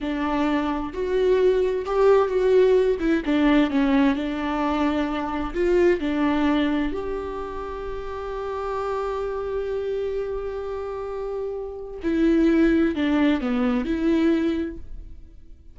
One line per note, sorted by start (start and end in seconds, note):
0.00 0.93 D4
0.93 1.85 F#4
1.85 2.28 G4
2.28 2.97 F#4
2.99 3.22 E4
3.25 3.70 D4
3.70 4.15 C#4
4.15 5.53 D4
5.54 6.00 F4
6.00 6.92 D4
6.92 12.00 G4
12.02 12.95 E4
12.95 13.41 D4
13.41 13.84 B3
13.84 14.77 E4